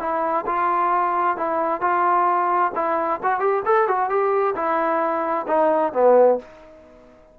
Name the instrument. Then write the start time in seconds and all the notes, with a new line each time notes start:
trombone
0.00 E4
0.47 F4
1.37 E4
1.81 F4
2.75 E4
3.23 F#4
3.40 G4
3.65 A4
3.88 F#4
4.10 G4
4.56 E4
5.48 D#4
5.93 B3